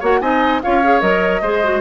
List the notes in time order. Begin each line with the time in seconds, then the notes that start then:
0.00 A#3 F#4 C#5 F#5
0.21 C4 D#4 D#5 G#5
0.62 C#4 F4 C#5 F5
0.84 G#4
1.01 F#3 A#4 D#5
1.41 G#3 G#4 C5
1.64 F#4